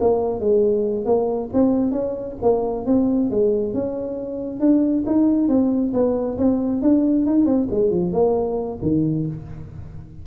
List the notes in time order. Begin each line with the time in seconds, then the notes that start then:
0.00 A#3
0.40 G#3
1.05 A#3
1.53 C4
1.91 C#4
2.42 A#3
2.86 C4
3.30 G#3
3.73 C#4
4.59 D4
5.06 D#4
5.48 C4
5.93 B3
6.37 C4
6.82 D4
7.26 D#4
7.45 C4
7.70 G#3
7.90 F3
8.12 A#3
8.82 D#3